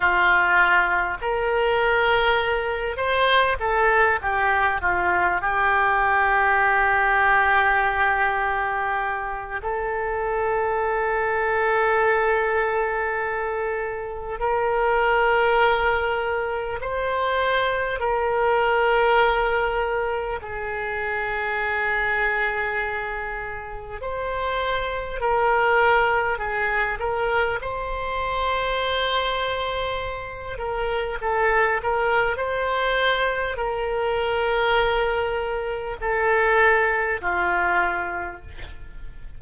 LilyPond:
\new Staff \with { instrumentName = "oboe" } { \time 4/4 \tempo 4 = 50 f'4 ais'4. c''8 a'8 g'8 | f'8 g'2.~ g'8 | a'1 | ais'2 c''4 ais'4~ |
ais'4 gis'2. | c''4 ais'4 gis'8 ais'8 c''4~ | c''4. ais'8 a'8 ais'8 c''4 | ais'2 a'4 f'4 | }